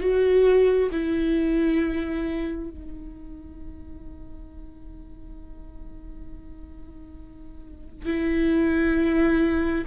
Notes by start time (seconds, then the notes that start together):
0.00 F#4
0.91 E4
2.70 D#4
8.05 E4